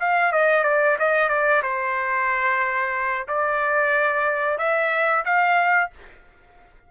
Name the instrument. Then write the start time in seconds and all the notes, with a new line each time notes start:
trumpet
0.00 F5
0.32 D#5
0.64 D5
0.99 D#5
1.29 D5
1.63 C5
3.28 D5
4.58 E5
5.25 F5